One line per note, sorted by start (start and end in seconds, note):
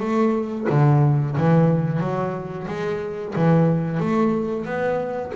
0.00 0.67 A3
0.70 1.36 D3
1.37 2.00 E3
2.00 2.67 F#3
2.68 3.34 G#3
3.35 4.00 E3
4.00 4.65 A3
4.65 5.32 B3